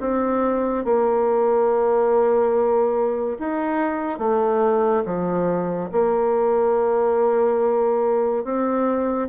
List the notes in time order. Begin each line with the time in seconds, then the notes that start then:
0.00 C4
0.84 A#3
3.39 D#4
4.18 A3
5.05 F3
5.92 A#3
8.44 C4